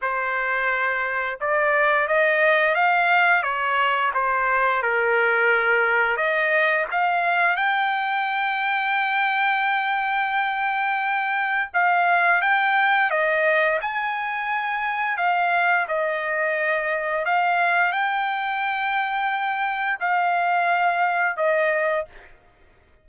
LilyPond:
\new Staff \with { instrumentName = "trumpet" } { \time 4/4 \tempo 4 = 87 c''2 d''4 dis''4 | f''4 cis''4 c''4 ais'4~ | ais'4 dis''4 f''4 g''4~ | g''1~ |
g''4 f''4 g''4 dis''4 | gis''2 f''4 dis''4~ | dis''4 f''4 g''2~ | g''4 f''2 dis''4 | }